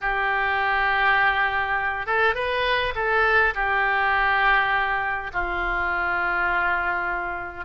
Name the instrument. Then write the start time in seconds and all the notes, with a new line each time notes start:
oboe
0.01 G4
2.06 A4
2.34 B4
2.95 A4
3.54 G4
5.33 F4